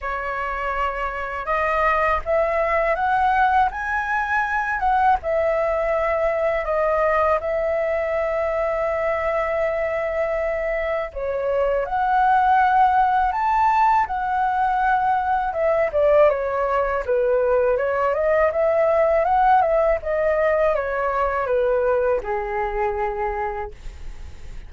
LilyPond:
\new Staff \with { instrumentName = "flute" } { \time 4/4 \tempo 4 = 81 cis''2 dis''4 e''4 | fis''4 gis''4. fis''8 e''4~ | e''4 dis''4 e''2~ | e''2. cis''4 |
fis''2 a''4 fis''4~ | fis''4 e''8 d''8 cis''4 b'4 | cis''8 dis''8 e''4 fis''8 e''8 dis''4 | cis''4 b'4 gis'2 | }